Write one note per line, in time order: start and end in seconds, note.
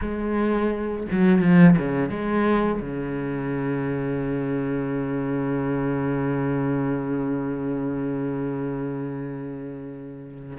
0.01 1.07 G#3
1.11 1.41 F#3
1.41 1.76 F3
1.78 2.09 C#3
2.09 2.80 G#3
2.80 10.57 C#3